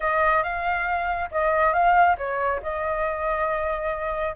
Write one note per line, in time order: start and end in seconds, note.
0.00 0.43 D#5
0.43 1.30 F5
1.31 1.73 D#5
1.73 2.16 F5
2.17 2.61 C#5
2.62 4.35 D#5